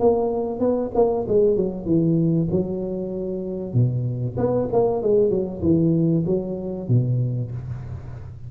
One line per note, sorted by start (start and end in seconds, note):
0.00 0.60 A#3
0.60 0.91 B3
0.95 1.26 A#3
1.28 1.57 G#3
1.57 1.86 F#3
1.86 2.49 E3
2.52 3.74 F#3
3.74 4.37 B2
4.38 4.69 B3
4.73 5.03 A#3
5.03 5.30 G#3
5.30 5.62 F#3
5.62 6.25 E3
6.26 6.89 F#3
6.89 7.51 B2